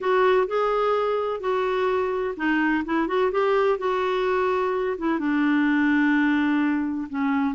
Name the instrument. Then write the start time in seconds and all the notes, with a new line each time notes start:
clarinet
0.00 F#4
0.47 G#4
1.40 F#4
2.36 D#4
2.85 E4
3.07 F#4
3.31 G4
3.78 F#4
4.98 E4
5.19 D4
7.09 C#4